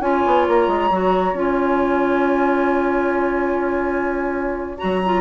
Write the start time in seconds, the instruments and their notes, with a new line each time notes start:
0.00 bassoon C#4, clarinet F4, oboe C#5, flute G#5
0.26 bassoon B3
0.47 bassoon A#3, flute A#5
0.67 bassoon G#3
0.90 bassoon F#3, clarinet F#4
1.33 bassoon C#4, clarinet F4, flute G#5
4.78 bassoon F#3, clarinet F#4, flute A#5
5.05 clarinet F4